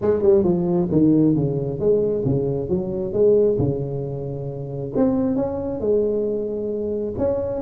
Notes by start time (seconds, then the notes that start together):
0.01 G#3
0.22 G3
0.43 F3
0.91 D#3
1.35 C#3
1.79 G#3
2.25 C#3
2.69 F#3
3.12 G#3
3.58 C#3
4.95 C4
5.35 C#4
5.80 G#3
7.17 C#4